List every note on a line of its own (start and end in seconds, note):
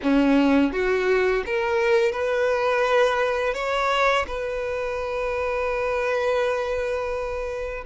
0.03 0.72 C#4
0.72 1.44 F#4
1.45 2.12 A#4
2.12 3.54 B4
3.54 4.25 C#5
4.27 7.84 B4